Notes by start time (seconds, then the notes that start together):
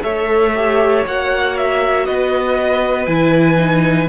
0.00 A3 A4 C#5 E5
0.55 G4
1.06 A#3 F#4 F#5
1.57 E5
2.05 B3 B4 D#5
3.06 E3 E4 G#5
3.57 D#4